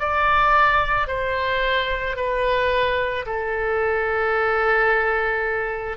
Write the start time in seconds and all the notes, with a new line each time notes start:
0.00 D5
1.08 C5
2.16 B4
3.26 A4